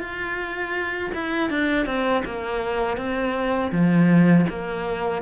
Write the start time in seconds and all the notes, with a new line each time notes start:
0.00 F4
1.14 E4
1.50 D4
1.86 C4
2.25 A#3
2.97 C4
3.72 F3
4.49 A#3